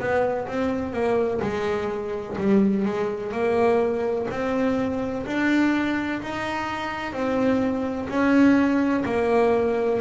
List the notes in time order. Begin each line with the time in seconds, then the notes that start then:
0.00 B3
0.48 C4
0.94 A#3
1.42 G#3
2.38 G3
2.86 G#3
3.32 A#3
4.31 C4
5.27 D4
6.22 D#4
7.13 C4
8.09 C#4
9.06 A#3